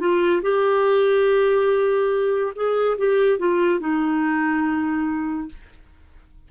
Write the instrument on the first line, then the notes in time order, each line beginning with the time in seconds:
clarinet
0.00 F4
0.43 G4
2.56 G#4
2.98 G4
3.39 F4
3.80 D#4